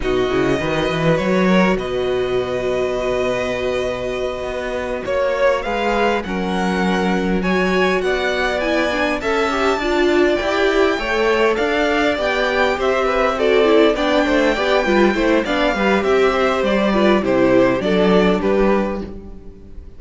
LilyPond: <<
  \new Staff \with { instrumentName = "violin" } { \time 4/4 \tempo 4 = 101 dis''2 cis''4 dis''4~ | dis''1~ | dis''8 cis''4 f''4 fis''4.~ | fis''8 gis''4 fis''4 gis''4 a''8~ |
a''4. g''2 f''8~ | f''8 g''4 e''4 d''4 g''8~ | g''2 f''4 e''4 | d''4 c''4 d''4 b'4 | }
  \new Staff \with { instrumentName = "violin" } { \time 4/4 fis'4 b'4. ais'8 b'4~ | b'1~ | b'8 cis''4 b'4 ais'4.~ | ais'8 cis''4 d''2 e''8~ |
e''8 d''2 cis''4 d''8~ | d''4. c''8 b'8 a'4 d''8 | c''8 d''8 b'8 c''8 d''8 b'8 g'8 c''8~ | c''8 b'8 g'4 a'4 g'4 | }
  \new Staff \with { instrumentName = "viola" } { \time 4/4 dis'8 e'8 fis'2.~ | fis'1~ | fis'4. gis'4 cis'4.~ | cis'8 fis'2 e'8 d'8 a'8 |
g'8 f'4 g'4 a'4.~ | a'8 g'2 fis'8 e'8 d'8~ | d'8 g'8 f'8 e'8 d'8 g'4.~ | g'8 f'8 e'4 d'2 | }
  \new Staff \with { instrumentName = "cello" } { \time 4/4 b,8 cis8 dis8 e8 fis4 b,4~ | b,2.~ b,8 b8~ | b8 ais4 gis4 fis4.~ | fis4. b2 cis'8~ |
cis'8 d'4 e'4 a4 d'8~ | d'8 b4 c'2 b8 | a8 b8 g8 a8 b8 g8 c'4 | g4 c4 fis4 g4 | }
>>